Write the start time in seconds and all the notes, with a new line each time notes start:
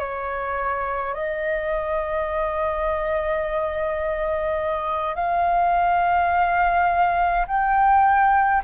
0.00 C#5
1.14 D#5
5.16 F5
7.47 G5